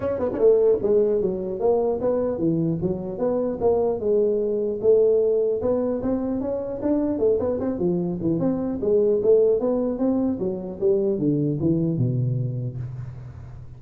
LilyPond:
\new Staff \with { instrumentName = "tuba" } { \time 4/4 \tempo 4 = 150 cis'8 b16 cis'16 a4 gis4 fis4 | ais4 b4 e4 fis4 | b4 ais4 gis2 | a2 b4 c'4 |
cis'4 d'4 a8 b8 c'8 f8~ | f8 e8 c'4 gis4 a4 | b4 c'4 fis4 g4 | d4 e4 b,2 | }